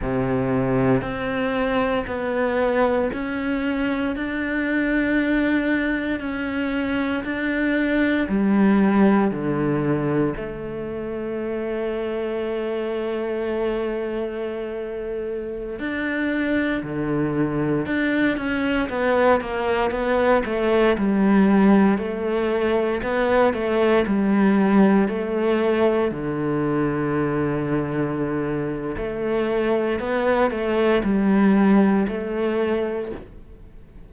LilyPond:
\new Staff \with { instrumentName = "cello" } { \time 4/4 \tempo 4 = 58 c4 c'4 b4 cis'4 | d'2 cis'4 d'4 | g4 d4 a2~ | a2.~ a16 d'8.~ |
d'16 d4 d'8 cis'8 b8 ais8 b8 a16~ | a16 g4 a4 b8 a8 g8.~ | g16 a4 d2~ d8. | a4 b8 a8 g4 a4 | }